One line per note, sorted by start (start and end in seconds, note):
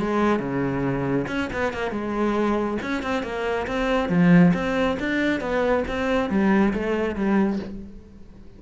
0.00 0.40 G#3
0.40 1.27 C#3
1.27 1.49 C#4
1.53 1.73 B3
1.73 1.91 A#3
1.91 2.78 G#3
2.83 3.03 C#4
3.03 3.23 C4
3.23 3.67 A#3
3.67 4.09 C4
4.09 4.53 F3
4.54 4.98 C4
5.00 5.41 D4
5.41 5.84 B3
5.88 6.30 C4
6.30 6.73 G3
6.74 7.16 A3
7.16 7.59 G3